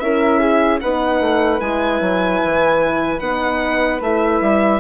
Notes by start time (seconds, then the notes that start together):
0.00 C#4 E4 A#4 E5
0.39 G#4
0.81 B3 D#4 B4 F#5
1.21 A3
1.60 G#3 E4 G#5
2.01 F#3
2.45 E3
3.20 B3 D#4 F#5
4.01 A3 E4 E5
4.42 G3